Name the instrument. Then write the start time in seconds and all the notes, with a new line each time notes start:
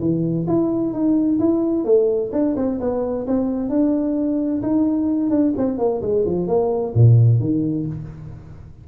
tuba
0.00 E3
0.47 E4
0.93 D#4
1.39 E4
1.85 A3
2.32 D4
2.56 C4
2.80 B3
3.27 C4
3.70 D4
4.62 D#4
5.30 D4
5.57 C4
5.78 A#3
6.02 G#3
6.25 F3
6.48 A#3
6.94 A#2
7.40 D#3